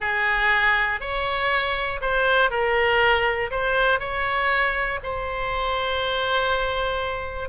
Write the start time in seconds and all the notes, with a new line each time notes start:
0.00 G#4
1.00 C#5
2.01 C5
2.50 A#4
3.50 C5
3.99 C#5
5.03 C5